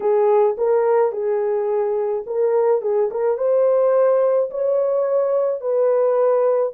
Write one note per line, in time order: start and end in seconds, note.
0.00 0.56 G#4
0.57 1.12 A#4
1.12 2.24 G#4
2.26 2.81 A#4
2.81 3.09 G#4
3.10 3.37 A#4
3.37 4.49 C5
4.50 5.60 C#5
5.60 6.72 B4